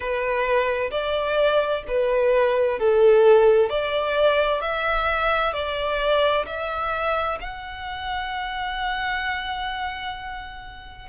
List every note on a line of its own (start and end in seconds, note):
0.00 0.90 B4
0.91 1.83 D5
1.87 2.79 B4
2.79 3.69 A4
3.69 4.61 D5
4.61 5.53 E5
5.53 6.45 D5
6.46 7.38 E5
7.41 11.09 F#5